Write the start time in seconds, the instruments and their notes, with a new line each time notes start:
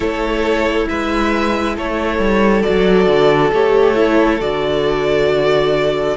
0.00 cello A3, viola E4, violin A4 C#5
0.88 cello G#3, violin B4 E5
1.75 cello A3, violin A4 C#5
2.19 cello G3
2.62 cello F#3, viola F#4, violin D5
3.06 cello D3
3.52 cello A3, viola G4, violin C#5
3.94 viola E4
4.40 cello D3, viola F#4, violin D5